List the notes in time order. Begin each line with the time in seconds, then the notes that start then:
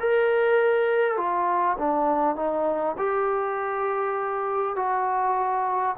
0.00 A#4
1.17 F4
1.78 D4
2.36 D#4
2.97 G4
4.76 F#4